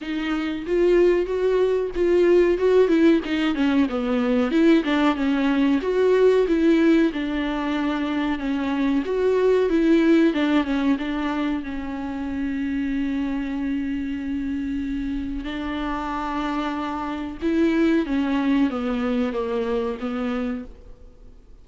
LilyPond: \new Staff \with { instrumentName = "viola" } { \time 4/4 \tempo 4 = 93 dis'4 f'4 fis'4 f'4 | fis'8 e'8 dis'8 cis'8 b4 e'8 d'8 | cis'4 fis'4 e'4 d'4~ | d'4 cis'4 fis'4 e'4 |
d'8 cis'8 d'4 cis'2~ | cis'1 | d'2. e'4 | cis'4 b4 ais4 b4 | }